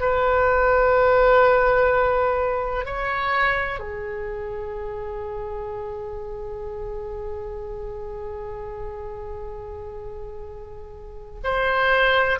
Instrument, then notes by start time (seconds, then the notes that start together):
oboe
0.00 B4
2.85 C#5
3.79 G#4
11.44 C5